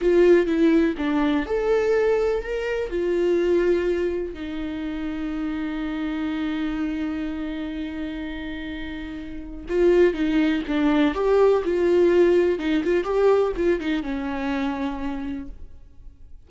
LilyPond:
\new Staff \with { instrumentName = "viola" } { \time 4/4 \tempo 4 = 124 f'4 e'4 d'4 a'4~ | a'4 ais'4 f'2~ | f'4 dis'2.~ | dis'1~ |
dis'1 | f'4 dis'4 d'4 g'4 | f'2 dis'8 f'8 g'4 | f'8 dis'8 cis'2. | }